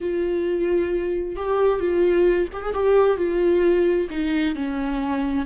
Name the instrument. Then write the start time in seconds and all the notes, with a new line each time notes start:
viola
0.01 F4
1.36 G4
1.80 F4
2.52 G4
2.62 G#4
2.73 G4
3.17 F4
4.10 D#4
4.55 C#4